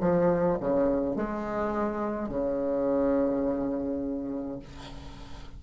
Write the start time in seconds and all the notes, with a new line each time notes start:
0.00 F3
0.60 C#3
1.15 G#3
2.28 C#3